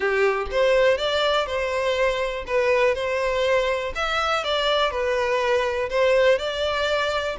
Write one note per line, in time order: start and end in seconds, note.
0.00 0.46 G4
0.51 0.97 C5
0.97 1.46 D5
1.46 2.45 C5
2.46 2.94 B4
2.94 3.93 C5
3.95 4.44 E5
4.44 4.90 D5
4.90 5.89 B4
5.89 6.38 C5
6.38 7.36 D5